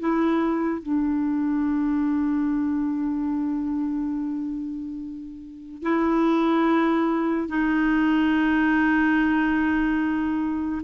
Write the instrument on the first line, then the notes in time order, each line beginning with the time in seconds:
clarinet
0.00 E4
0.83 D4
5.83 E4
7.48 D#4